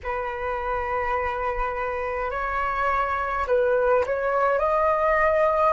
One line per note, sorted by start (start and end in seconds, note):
0.03 2.30 B4
2.30 3.46 C#5
3.47 4.04 B4
4.06 4.58 C#5
4.58 5.73 D#5